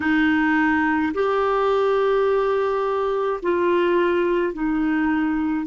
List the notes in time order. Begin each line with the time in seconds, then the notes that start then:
0.00 D#4
1.13 G4
3.42 F4
4.53 D#4